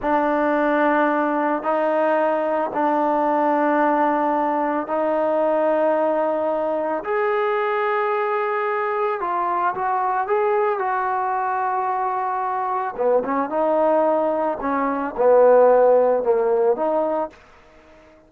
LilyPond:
\new Staff \with { instrumentName = "trombone" } { \time 4/4 \tempo 4 = 111 d'2. dis'4~ | dis'4 d'2.~ | d'4 dis'2.~ | dis'4 gis'2.~ |
gis'4 f'4 fis'4 gis'4 | fis'1 | b8 cis'8 dis'2 cis'4 | b2 ais4 dis'4 | }